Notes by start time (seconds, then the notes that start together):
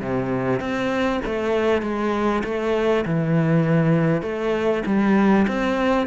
0.00 C3
0.60 C4
1.25 A3
1.82 G#3
2.44 A3
3.05 E3
4.22 A3
4.86 G3
5.47 C4